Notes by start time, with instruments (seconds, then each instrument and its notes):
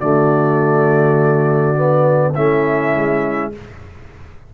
0.00 tuba D3, trombone A3, horn F#4, trumpet D5
1.75 trombone B3
2.34 tuba A3, trombone C#4, horn E4, trumpet E5
2.95 tuba G#3